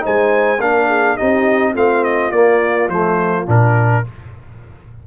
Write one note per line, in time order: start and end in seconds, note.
0.00 0.59 G#3
0.00 0.57 D#4
0.00 0.61 C5
0.00 0.61 G#5
0.59 1.17 A#3
0.59 1.17 D4
0.59 0.87 A#4
0.59 1.16 F5
0.87 1.16 G#4
1.16 1.74 C4
1.16 1.74 D#4
1.16 1.73 G4
1.16 1.74 D#5
1.73 2.31 A3
1.73 2.32 C4
1.73 4.01 F4
1.73 2.03 F5
2.03 2.31 D#5
2.31 2.88 A#3
2.31 2.90 A#3
2.31 2.88 D5
2.88 3.45 F3
2.88 3.46 A3
2.88 3.46 C5
3.46 4.05 A#2
3.46 4.03 D4
3.46 4.06 A#4